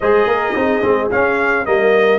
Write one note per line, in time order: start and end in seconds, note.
0.00 0.26 G#3
0.00 0.55 G#4
0.00 0.27 C5
0.00 1.09 D#5
0.26 0.54 A#3
0.26 0.55 A#4
0.54 0.82 C4
0.54 0.82 D#4
0.54 1.66 G#4
0.82 1.10 G#3
0.82 1.10 C4
1.11 1.65 C#4
1.11 1.66 C#4
1.11 1.65 F5
1.65 2.19 G3
1.65 2.19 A#3
1.65 2.19 A#4
1.65 2.19 D#5